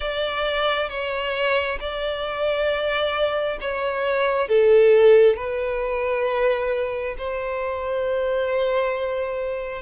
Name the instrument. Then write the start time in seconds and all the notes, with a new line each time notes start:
violin
0.00 D5
0.89 C#5
1.80 D5
3.60 C#5
4.48 A4
5.36 B4
7.18 C5